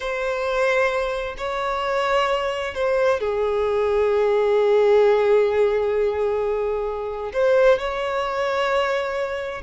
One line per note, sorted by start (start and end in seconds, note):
0.00 1.35 C5
1.37 2.74 C#5
2.74 3.19 C5
3.19 7.32 G#4
7.33 7.78 C5
7.78 9.62 C#5